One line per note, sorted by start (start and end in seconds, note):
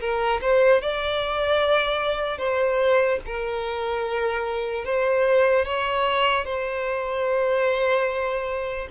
0.00 0.41 A#4
0.41 0.81 C5
0.81 2.38 D5
2.38 3.19 C5
3.26 4.85 A#4
4.85 5.65 C5
5.65 6.45 C#5
6.45 8.88 C5